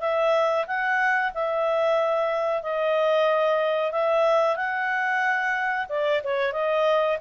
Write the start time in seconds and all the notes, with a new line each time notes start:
0.00 E5
0.67 F#5
1.34 E5
2.63 D#5
3.92 E5
4.56 F#5
5.89 D5
6.24 C#5
6.53 D#5